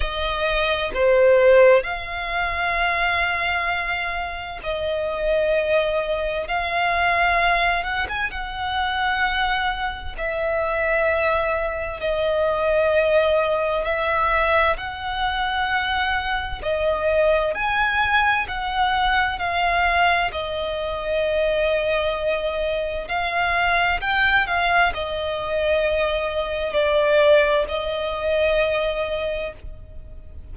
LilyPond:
\new Staff \with { instrumentName = "violin" } { \time 4/4 \tempo 4 = 65 dis''4 c''4 f''2~ | f''4 dis''2 f''4~ | f''8 fis''16 gis''16 fis''2 e''4~ | e''4 dis''2 e''4 |
fis''2 dis''4 gis''4 | fis''4 f''4 dis''2~ | dis''4 f''4 g''8 f''8 dis''4~ | dis''4 d''4 dis''2 | }